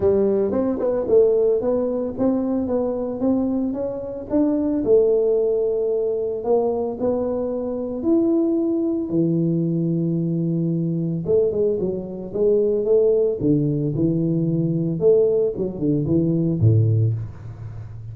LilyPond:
\new Staff \with { instrumentName = "tuba" } { \time 4/4 \tempo 4 = 112 g4 c'8 b8 a4 b4 | c'4 b4 c'4 cis'4 | d'4 a2. | ais4 b2 e'4~ |
e'4 e2.~ | e4 a8 gis8 fis4 gis4 | a4 d4 e2 | a4 fis8 d8 e4 a,4 | }